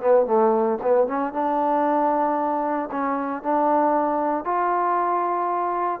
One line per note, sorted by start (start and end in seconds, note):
0.00 0.26 B3
0.26 0.78 A3
0.82 1.07 B3
1.07 1.33 C#4
1.33 2.89 D4
2.91 3.42 C#4
3.42 4.44 D4
4.44 6.00 F4